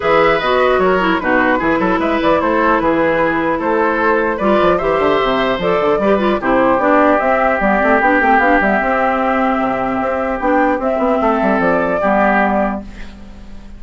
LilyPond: <<
  \new Staff \with { instrumentName = "flute" } { \time 4/4 \tempo 4 = 150 e''4 dis''4 cis''4 b'4~ | b'4 e''8 d''8 c''4 b'4~ | b'4 c''2 d''4 | e''2 d''2 |
c''4 d''4 e''4 d''4 | g''4 f''8 e''2~ e''8~ | e''2 g''4 e''4~ | e''4 d''2. | }
  \new Staff \with { instrumentName = "oboe" } { \time 4/4 b'2 ais'4 fis'4 | gis'8 a'8 b'4 a'4 gis'4~ | gis'4 a'2 b'4 | c''2. b'4 |
g'1~ | g'1~ | g'1 | a'2 g'2 | }
  \new Staff \with { instrumentName = "clarinet" } { \time 4/4 gis'4 fis'4. e'8 dis'4 | e'1~ | e'2. f'4 | g'2 a'4 g'8 f'8 |
e'4 d'4 c'4 b8 c'8 | d'8 c'8 d'8 b8 c'2~ | c'2 d'4 c'4~ | c'2 b2 | }
  \new Staff \with { instrumentName = "bassoon" } { \time 4/4 e4 b4 fis4 b,4 | e8 fis8 gis8 e8 a4 e4~ | e4 a2 g8 f8 | e8 d8 c4 f8 d8 g4 |
c4 b4 c'4 g8 a8 | b8 a8 b8 g8 c'2 | c4 c'4 b4 c'8 b8 | a8 g8 f4 g2 | }
>>